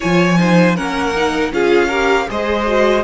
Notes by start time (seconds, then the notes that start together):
0.00 F3 F4 C#5 G#5
0.38 D#4 C5
0.75 A#3 C#4 A#4 F#5
1.16 D#4
1.51 C#4 F4 G#4 F5
1.87 G4 A#4
2.27 G#3 G#4 C5 D#5
2.66 F#4